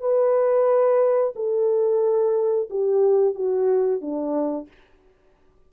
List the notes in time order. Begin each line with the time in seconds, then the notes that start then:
0.00 B4
1.36 A4
2.70 G4
3.35 F#4
4.01 D4